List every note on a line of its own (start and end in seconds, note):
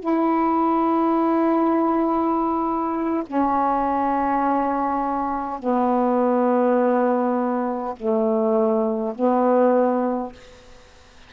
0.00 3.24 E4
3.26 5.59 C#4
5.59 7.95 B3
7.97 9.14 A3
9.15 10.33 B3